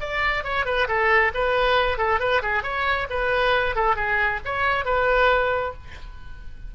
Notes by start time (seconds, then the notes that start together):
0.00 D5
0.44 C#5
0.65 B4
0.88 A4
1.34 B4
1.98 A4
2.19 B4
2.42 G#4
2.63 C#5
3.09 B4
3.75 A4
3.95 G#4
4.45 C#5
4.85 B4